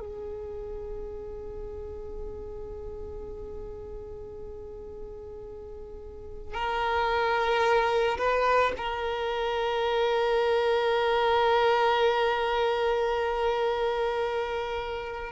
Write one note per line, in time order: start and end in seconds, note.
0.00 6.54 G#4
6.54 8.18 A#4
8.18 8.73 B4
8.77 15.32 A#4